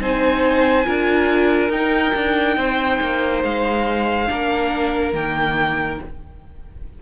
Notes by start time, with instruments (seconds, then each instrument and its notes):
0.00 cello C4, viola D#4, violin C5 G#5
0.84 cello D4, viola F4, violin A#4
1.69 cello D#4, viola D#4, violin G5
2.15 cello D4
2.56 cello C4, violin C5
3.01 cello A#3
3.43 cello G#3, violin F5
4.27 cello A#3, viola D4, violin A#4
5.13 cello D#3, viola A#3, violin G5